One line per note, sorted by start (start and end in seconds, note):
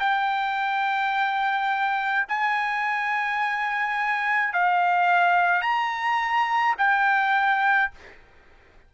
0.00 2.26 G5
2.29 4.53 G#5
4.53 5.62 F5
5.62 6.75 A#5
6.78 7.91 G5